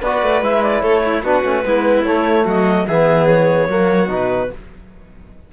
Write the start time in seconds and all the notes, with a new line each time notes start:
0.00 B3 F#4 B4 D5
0.22 A3
0.41 G#3 E4 E5
0.62 D5
0.81 A3 A4 C#5
1.05 E4
1.22 B3 D4 F#4 B4
1.43 A3 C#4
1.64 G#3 B3 E4
2.02 A3 C#5
2.44 F#3 F#4 D#5
2.87 E3 B3 G#4 E5
3.26 C#5
3.68 F#3 A#3 F#4
4.07 B2 D#4 B4